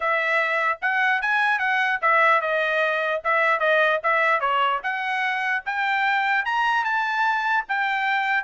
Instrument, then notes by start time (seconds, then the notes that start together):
trumpet
0.00 E5
0.81 F#5
1.21 G#5
1.59 F#5
2.01 E5
2.41 D#5
3.23 E5
3.59 D#5
4.03 E5
4.40 C#5
4.83 F#5
5.65 G5
6.45 A#5
6.84 A5
7.68 G5